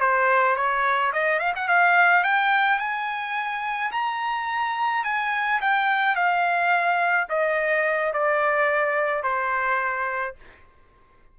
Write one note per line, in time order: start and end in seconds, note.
0.00 0.56 C5
0.56 1.12 C#5
1.12 1.39 D#5
1.39 1.53 F5
1.55 1.67 F#5
1.67 2.23 F5
2.23 2.79 G5
2.79 3.91 G#5
3.91 5.03 A#5
5.04 5.60 G#5
5.61 6.15 G5
6.15 7.27 F5
7.29 8.13 D#5
8.13 9.23 D5
9.23 10.35 C5